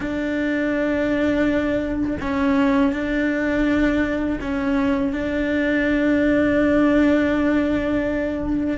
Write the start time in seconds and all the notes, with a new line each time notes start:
0.00 D4
2.20 C#4
2.92 D4
4.40 C#4
5.12 D4